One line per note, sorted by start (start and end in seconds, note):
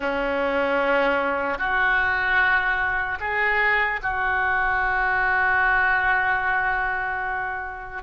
0.00 1.58 C#4
1.58 3.18 F#4
3.20 4.00 G#4
4.02 8.02 F#4